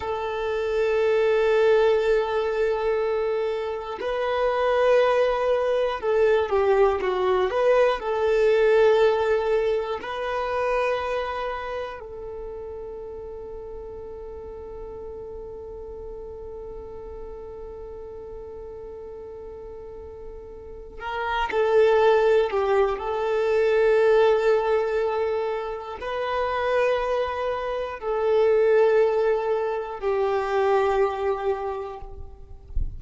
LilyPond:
\new Staff \with { instrumentName = "violin" } { \time 4/4 \tempo 4 = 60 a'1 | b'2 a'8 g'8 fis'8 b'8 | a'2 b'2 | a'1~ |
a'1~ | a'4 ais'8 a'4 g'8 a'4~ | a'2 b'2 | a'2 g'2 | }